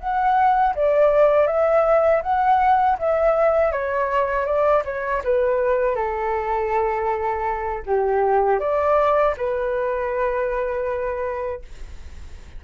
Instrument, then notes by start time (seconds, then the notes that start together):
flute
0.00 F#5
0.75 D5
1.47 E5
2.23 F#5
2.99 E5
3.73 C#5
4.46 D5
4.85 C#5
5.24 B4
5.96 A4
7.86 G4
8.60 D5
9.38 B4